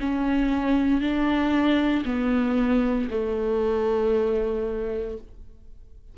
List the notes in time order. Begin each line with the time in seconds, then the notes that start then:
0.00 C#4
1.01 D4
2.05 B3
3.10 A3